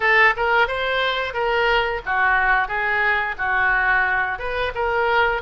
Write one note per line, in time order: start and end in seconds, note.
0.00 0.34 A4
0.36 0.67 A#4
0.67 1.33 C5
1.33 2.01 A#4
2.05 2.68 F#4
2.68 3.35 G#4
3.37 4.38 F#4
4.38 4.72 B4
4.75 5.41 A#4